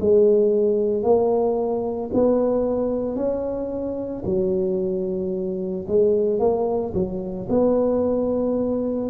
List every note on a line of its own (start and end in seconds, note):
0.00 1.03 G#3
1.03 2.10 A#3
2.13 3.16 B3
3.16 4.23 C#4
4.25 5.85 F#3
5.88 6.39 G#3
6.39 6.93 A#3
6.94 7.47 F#3
7.49 9.10 B3